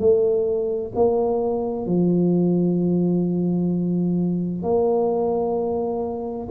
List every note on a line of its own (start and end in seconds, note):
0.00 0.92 A3
0.95 1.86 A#3
1.86 4.63 F3
4.63 6.48 A#3